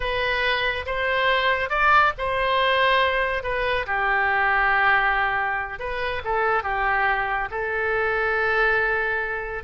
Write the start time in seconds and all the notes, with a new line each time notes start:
0.00 B4
0.86 C5
1.69 D5
2.18 C5
3.43 B4
3.86 G4
5.79 B4
6.24 A4
6.63 G4
7.50 A4